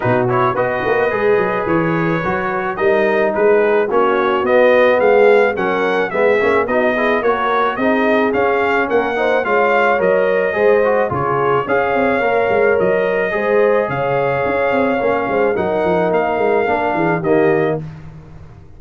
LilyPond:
<<
  \new Staff \with { instrumentName = "trumpet" } { \time 4/4 \tempo 4 = 108 b'8 cis''8 dis''2 cis''4~ | cis''4 dis''4 b'4 cis''4 | dis''4 f''4 fis''4 e''4 | dis''4 cis''4 dis''4 f''4 |
fis''4 f''4 dis''2 | cis''4 f''2 dis''4~ | dis''4 f''2. | fis''4 f''2 dis''4 | }
  \new Staff \with { instrumentName = "horn" } { \time 4/4 fis'4 b'2.~ | b'4 ais'4 gis'4 fis'4~ | fis'4 gis'4 ais'4 gis'4 | fis'8 gis'8 ais'4 gis'2 |
ais'8 c''8 cis''2 c''4 | gis'4 cis''2. | c''4 cis''2~ cis''8 c''8 | ais'2~ ais'8 gis'8 g'4 | }
  \new Staff \with { instrumentName = "trombone" } { \time 4/4 dis'8 e'8 fis'4 gis'2 | fis'4 dis'2 cis'4 | b2 cis'4 b8 cis'8 | dis'8 e'8 fis'4 dis'4 cis'4~ |
cis'8 dis'8 f'4 ais'4 gis'8 fis'8 | f'4 gis'4 ais'2 | gis'2. cis'4 | dis'2 d'4 ais4 | }
  \new Staff \with { instrumentName = "tuba" } { \time 4/4 b,4 b8 ais8 gis8 fis8 e4 | fis4 g4 gis4 ais4 | b4 gis4 fis4 gis8 ais8 | b4 ais4 c'4 cis'4 |
ais4 gis4 fis4 gis4 | cis4 cis'8 c'8 ais8 gis8 fis4 | gis4 cis4 cis'8 c'8 ais8 gis8 | fis8 f8 ais8 gis8 ais8 e8 dis4 | }
>>